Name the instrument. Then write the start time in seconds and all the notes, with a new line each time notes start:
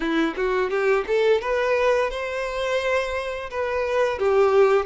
violin
0.00 E4
0.36 F#4
0.70 G4
1.07 A4
1.41 B4
2.10 C5
3.50 B4
4.18 G4